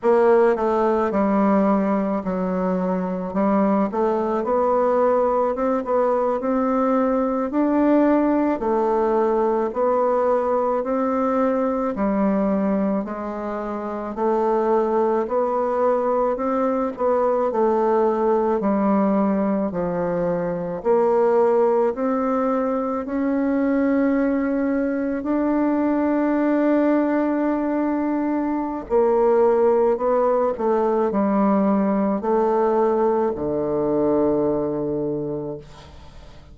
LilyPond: \new Staff \with { instrumentName = "bassoon" } { \time 4/4 \tempo 4 = 54 ais8 a8 g4 fis4 g8 a8 | b4 c'16 b8 c'4 d'4 a16~ | a8. b4 c'4 g4 gis16~ | gis8. a4 b4 c'8 b8 a16~ |
a8. g4 f4 ais4 c'16~ | c'8. cis'2 d'4~ d'16~ | d'2 ais4 b8 a8 | g4 a4 d2 | }